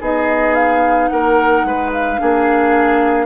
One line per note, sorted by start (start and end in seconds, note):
0.00 1.09 B3
0.00 2.18 D#4
0.00 1.09 G#4
0.00 0.55 D#5
0.55 1.08 F5
1.08 1.63 A#3
1.08 1.66 A#4
1.08 1.90 F#5
1.63 2.18 G#3
1.63 2.20 B4
1.92 3.26 F5
2.18 3.26 A#3
2.18 3.26 D4
2.18 3.26 G#4